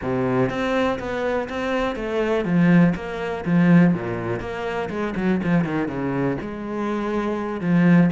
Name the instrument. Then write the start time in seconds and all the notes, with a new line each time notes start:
cello
0.01 C3
0.49 C4
0.99 B3
1.49 C4
1.95 A3
2.45 F3
2.95 A#3
3.45 F3
3.94 A#2
4.40 A#3
4.89 G#3
5.16 F#3
5.43 F3
5.64 D#3
5.88 C#3
6.41 G#3
7.60 F3